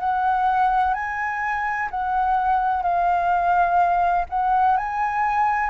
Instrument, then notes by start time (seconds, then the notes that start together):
flute
0.00 F#5
0.94 G#5
1.91 F#5
2.83 F5
4.30 F#5
4.77 G#5